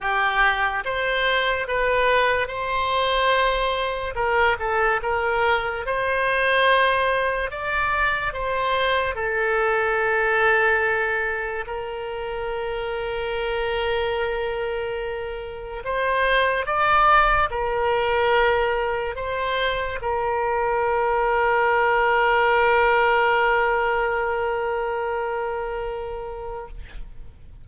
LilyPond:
\new Staff \with { instrumentName = "oboe" } { \time 4/4 \tempo 4 = 72 g'4 c''4 b'4 c''4~ | c''4 ais'8 a'8 ais'4 c''4~ | c''4 d''4 c''4 a'4~ | a'2 ais'2~ |
ais'2. c''4 | d''4 ais'2 c''4 | ais'1~ | ais'1 | }